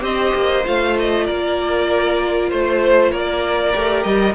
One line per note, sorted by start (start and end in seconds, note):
0.00 0.32 C4
0.00 0.62 G4
0.00 1.25 C5
0.00 0.66 D#5
0.34 0.65 A#3
0.64 1.28 A3
0.64 3.73 F4
0.64 0.97 F5
0.99 1.26 D#5
1.25 2.51 A#3
1.25 2.49 A#4
1.25 2.50 D5
2.49 3.12 A3
2.49 3.11 C5
2.49 3.12 C5
3.11 3.74 A#3
3.11 4.34 A#4
3.11 4.03 D5
3.73 4.05 A3
3.73 4.34 G4
4.03 4.34 G3
4.03 4.34 D#5